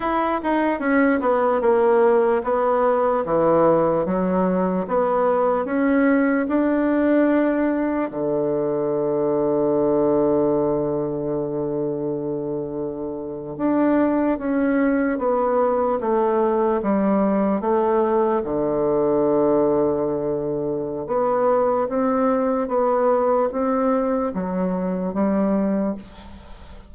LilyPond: \new Staff \with { instrumentName = "bassoon" } { \time 4/4 \tempo 4 = 74 e'8 dis'8 cis'8 b8 ais4 b4 | e4 fis4 b4 cis'4 | d'2 d2~ | d1~ |
d8. d'4 cis'4 b4 a16~ | a8. g4 a4 d4~ d16~ | d2 b4 c'4 | b4 c'4 fis4 g4 | }